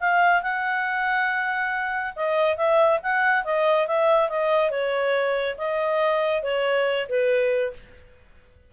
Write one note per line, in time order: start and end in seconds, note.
0.00 0.42 F5
0.42 2.14 F#5
2.15 2.57 D#5
2.57 3.00 E5
3.03 3.44 F#5
3.44 3.87 D#5
3.87 4.29 E5
4.29 4.70 D#5
4.70 5.56 C#5
5.58 6.43 D#5
6.43 7.07 C#5
7.09 7.73 B4